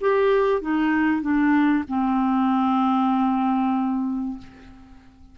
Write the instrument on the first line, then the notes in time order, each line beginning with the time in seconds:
clarinet
0.00 G4
0.61 D#4
1.21 D4
1.88 C4